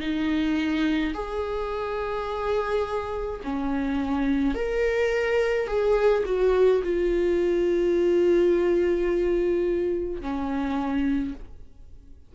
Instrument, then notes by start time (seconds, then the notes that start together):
viola
0.00 D#4
1.14 G#4
3.44 C#4
4.55 A#4
5.68 G#4
6.26 F#4
6.83 F4
10.21 C#4